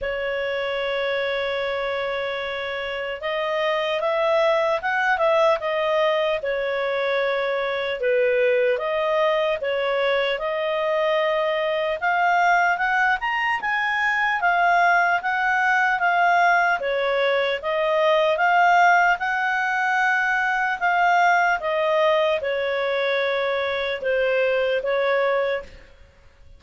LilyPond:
\new Staff \with { instrumentName = "clarinet" } { \time 4/4 \tempo 4 = 75 cis''1 | dis''4 e''4 fis''8 e''8 dis''4 | cis''2 b'4 dis''4 | cis''4 dis''2 f''4 |
fis''8 ais''8 gis''4 f''4 fis''4 | f''4 cis''4 dis''4 f''4 | fis''2 f''4 dis''4 | cis''2 c''4 cis''4 | }